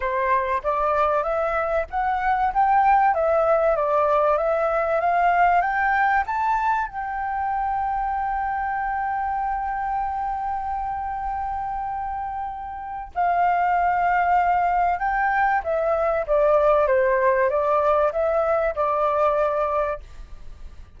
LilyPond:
\new Staff \with { instrumentName = "flute" } { \time 4/4 \tempo 4 = 96 c''4 d''4 e''4 fis''4 | g''4 e''4 d''4 e''4 | f''4 g''4 a''4 g''4~ | g''1~ |
g''1~ | g''4 f''2. | g''4 e''4 d''4 c''4 | d''4 e''4 d''2 | }